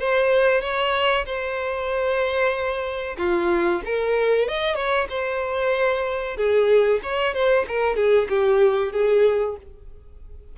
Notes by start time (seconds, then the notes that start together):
0.00 C5
0.62 C#5
1.26 C5
3.18 F4
3.86 A#4
4.49 D#5
4.76 C#5
5.10 C5
6.37 G#4
7.04 C#5
7.34 C5
7.69 A#4
7.96 G#4
8.30 G4
8.93 G#4